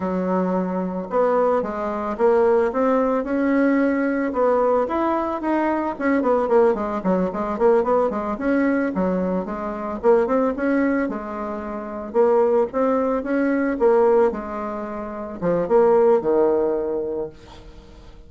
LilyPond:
\new Staff \with { instrumentName = "bassoon" } { \time 4/4 \tempo 4 = 111 fis2 b4 gis4 | ais4 c'4 cis'2 | b4 e'4 dis'4 cis'8 b8 | ais8 gis8 fis8 gis8 ais8 b8 gis8 cis'8~ |
cis'8 fis4 gis4 ais8 c'8 cis'8~ | cis'8 gis2 ais4 c'8~ | c'8 cis'4 ais4 gis4.~ | gis8 f8 ais4 dis2 | }